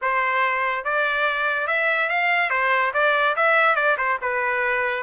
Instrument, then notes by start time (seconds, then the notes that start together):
trumpet
0.01 C5
0.84 D5
1.67 E5
2.09 F5
2.50 C5
2.93 D5
3.35 E5
3.75 D5
3.97 C5
4.21 B4